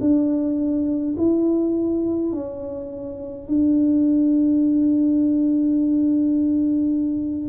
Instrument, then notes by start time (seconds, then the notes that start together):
tuba
0.00 D4
1.17 E4
2.32 C#4
3.47 D4